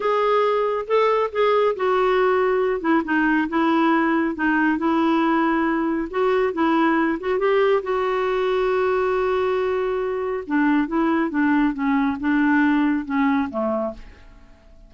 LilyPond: \new Staff \with { instrumentName = "clarinet" } { \time 4/4 \tempo 4 = 138 gis'2 a'4 gis'4 | fis'2~ fis'8 e'8 dis'4 | e'2 dis'4 e'4~ | e'2 fis'4 e'4~ |
e'8 fis'8 g'4 fis'2~ | fis'1 | d'4 e'4 d'4 cis'4 | d'2 cis'4 a4 | }